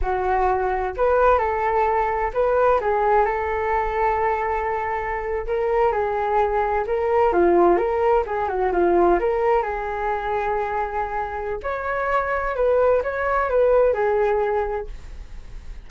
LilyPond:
\new Staff \with { instrumentName = "flute" } { \time 4/4 \tempo 4 = 129 fis'2 b'4 a'4~ | a'4 b'4 gis'4 a'4~ | a'2.~ a'8. ais'16~ | ais'8. gis'2 ais'4 f'16~ |
f'8. ais'4 gis'8 fis'8 f'4 ais'16~ | ais'8. gis'2.~ gis'16~ | gis'4 cis''2 b'4 | cis''4 b'4 gis'2 | }